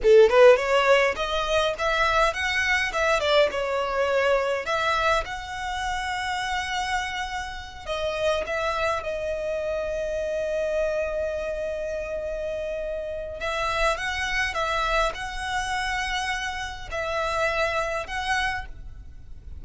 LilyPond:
\new Staff \with { instrumentName = "violin" } { \time 4/4 \tempo 4 = 103 a'8 b'8 cis''4 dis''4 e''4 | fis''4 e''8 d''8 cis''2 | e''4 fis''2.~ | fis''4. dis''4 e''4 dis''8~ |
dis''1~ | dis''2. e''4 | fis''4 e''4 fis''2~ | fis''4 e''2 fis''4 | }